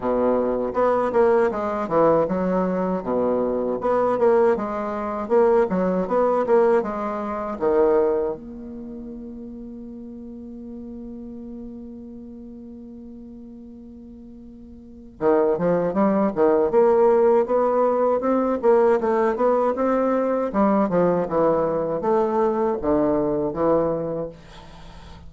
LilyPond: \new Staff \with { instrumentName = "bassoon" } { \time 4/4 \tempo 4 = 79 b,4 b8 ais8 gis8 e8 fis4 | b,4 b8 ais8 gis4 ais8 fis8 | b8 ais8 gis4 dis4 ais4~ | ais1~ |
ais1 | dis8 f8 g8 dis8 ais4 b4 | c'8 ais8 a8 b8 c'4 g8 f8 | e4 a4 d4 e4 | }